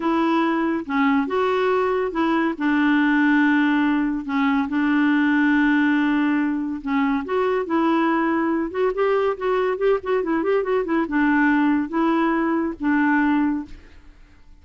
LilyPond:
\new Staff \with { instrumentName = "clarinet" } { \time 4/4 \tempo 4 = 141 e'2 cis'4 fis'4~ | fis'4 e'4 d'2~ | d'2 cis'4 d'4~ | d'1 |
cis'4 fis'4 e'2~ | e'8 fis'8 g'4 fis'4 g'8 fis'8 | e'8 g'8 fis'8 e'8 d'2 | e'2 d'2 | }